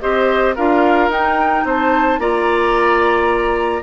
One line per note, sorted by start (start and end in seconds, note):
0.00 0.57 C4
0.00 0.56 G4
0.00 0.55 C5
0.00 0.55 D#5
0.55 1.09 D4
0.55 1.11 F4
0.55 1.64 A#4
0.55 1.11 F5
1.09 1.63 D#4
1.09 2.20 D#4
1.09 1.66 G5
1.64 2.19 C4
1.64 2.20 C5
1.64 2.20 A5
2.19 3.82 A#3
2.19 3.83 F4
2.19 3.83 D5
2.19 3.83 A#5